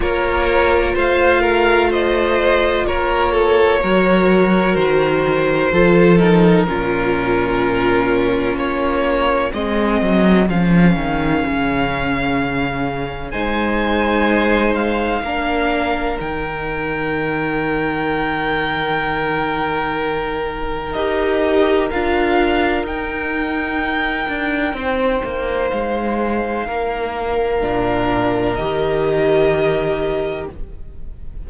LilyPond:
<<
  \new Staff \with { instrumentName = "violin" } { \time 4/4 \tempo 4 = 63 cis''4 f''4 dis''4 cis''4~ | cis''4 c''4. ais'4.~ | ais'4 cis''4 dis''4 f''4~ | f''2 gis''4. f''8~ |
f''4 g''2.~ | g''2 dis''4 f''4 | g''2. f''4~ | f''2 dis''2 | }
  \new Staff \with { instrumentName = "violin" } { \time 4/4 ais'4 c''8 ais'8 c''4 ais'8 a'8 | ais'2 a'4 f'4~ | f'2 gis'2~ | gis'2 c''2 |
ais'1~ | ais'1~ | ais'2 c''2 | ais'1 | }
  \new Staff \with { instrumentName = "viola" } { \time 4/4 f'1 | fis'2 f'8 dis'8 cis'4~ | cis'2 c'4 cis'4~ | cis'2 dis'2 |
d'4 dis'2.~ | dis'2 g'4 f'4 | dis'1~ | dis'4 d'4 g'2 | }
  \new Staff \with { instrumentName = "cello" } { \time 4/4 ais4 a2 ais4 | fis4 dis4 f4 ais,4~ | ais,4 ais4 gis8 fis8 f8 dis8 | cis2 gis2 |
ais4 dis2.~ | dis2 dis'4 d'4 | dis'4. d'8 c'8 ais8 gis4 | ais4 ais,4 dis2 | }
>>